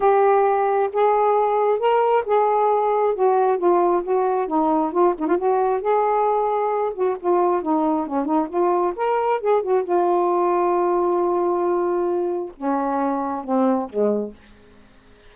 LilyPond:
\new Staff \with { instrumentName = "saxophone" } { \time 4/4 \tempo 4 = 134 g'2 gis'2 | ais'4 gis'2 fis'4 | f'4 fis'4 dis'4 f'8 dis'16 f'16 | fis'4 gis'2~ gis'8 fis'8 |
f'4 dis'4 cis'8 dis'8 f'4 | ais'4 gis'8 fis'8 f'2~ | f'1 | cis'2 c'4 gis4 | }